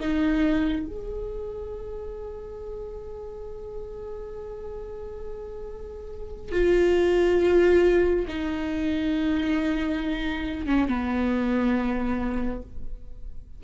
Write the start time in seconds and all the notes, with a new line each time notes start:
0.00 D#4
0.87 G#4
6.52 F4
8.28 D#4
10.66 C#4
10.88 B3